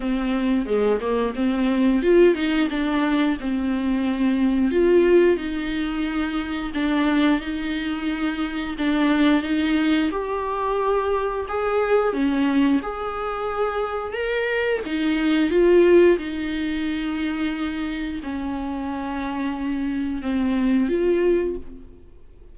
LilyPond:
\new Staff \with { instrumentName = "viola" } { \time 4/4 \tempo 4 = 89 c'4 gis8 ais8 c'4 f'8 dis'8 | d'4 c'2 f'4 | dis'2 d'4 dis'4~ | dis'4 d'4 dis'4 g'4~ |
g'4 gis'4 cis'4 gis'4~ | gis'4 ais'4 dis'4 f'4 | dis'2. cis'4~ | cis'2 c'4 f'4 | }